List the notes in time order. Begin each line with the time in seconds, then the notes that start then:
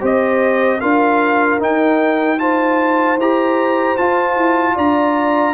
0.00 C4 G4 C5 D#5
0.80 D4 F4 A#4 F5
1.59 D#4 G5
2.38 F4 C5 A5
3.17 E4 G4 A#5
3.97 F4 A5
4.36 E4
4.75 D4 D5 A#5